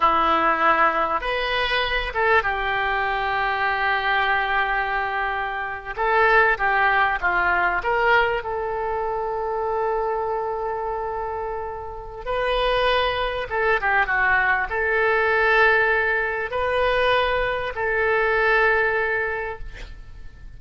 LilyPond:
\new Staff \with { instrumentName = "oboe" } { \time 4/4 \tempo 4 = 98 e'2 b'4. a'8 | g'1~ | g'4.~ g'16 a'4 g'4 f'16~ | f'8. ais'4 a'2~ a'16~ |
a'1 | b'2 a'8 g'8 fis'4 | a'2. b'4~ | b'4 a'2. | }